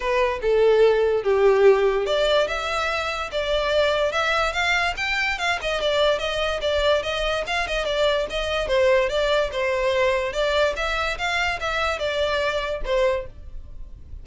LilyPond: \new Staff \with { instrumentName = "violin" } { \time 4/4 \tempo 4 = 145 b'4 a'2 g'4~ | g'4 d''4 e''2 | d''2 e''4 f''4 | g''4 f''8 dis''8 d''4 dis''4 |
d''4 dis''4 f''8 dis''8 d''4 | dis''4 c''4 d''4 c''4~ | c''4 d''4 e''4 f''4 | e''4 d''2 c''4 | }